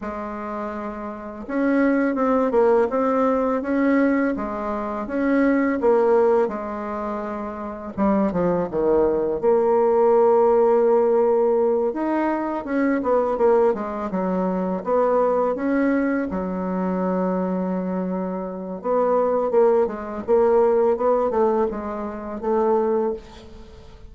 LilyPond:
\new Staff \with { instrumentName = "bassoon" } { \time 4/4 \tempo 4 = 83 gis2 cis'4 c'8 ais8 | c'4 cis'4 gis4 cis'4 | ais4 gis2 g8 f8 | dis4 ais2.~ |
ais8 dis'4 cis'8 b8 ais8 gis8 fis8~ | fis8 b4 cis'4 fis4.~ | fis2 b4 ais8 gis8 | ais4 b8 a8 gis4 a4 | }